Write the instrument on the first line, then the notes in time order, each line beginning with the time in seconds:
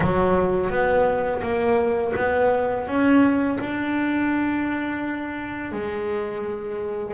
double bass
0.00 F#3
0.69 B3
1.42 A#3
2.16 B3
2.87 C#4
3.59 D4
5.71 G#3